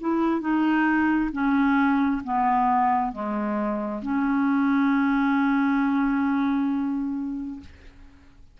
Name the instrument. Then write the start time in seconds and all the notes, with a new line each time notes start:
clarinet
0.00 E4
0.40 D#4
1.32 C#4
2.23 B3
3.12 G#3
4.02 C#4